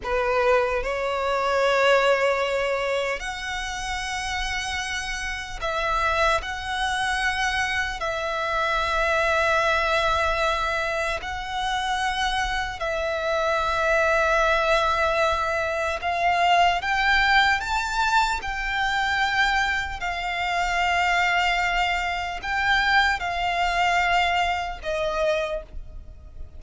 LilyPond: \new Staff \with { instrumentName = "violin" } { \time 4/4 \tempo 4 = 75 b'4 cis''2. | fis''2. e''4 | fis''2 e''2~ | e''2 fis''2 |
e''1 | f''4 g''4 a''4 g''4~ | g''4 f''2. | g''4 f''2 dis''4 | }